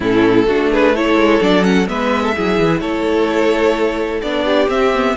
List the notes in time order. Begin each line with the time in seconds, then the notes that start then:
0.00 A2 C#4 E4 A4
0.46 A3 D4 F#4
0.71 G#4 B4
0.95 E4 A4 C#5
1.15 G#3
1.41 F#3 D4 D5
1.62 C#4 F#5
1.87 G#3 B3 B4 E5
2.23 A4
2.35 F#3 E4 G#4
2.58 E3
2.80 A3 A4 C#5
4.22 B3 D4 D5
4.44 G4
4.67 C4 E5
4.94 B3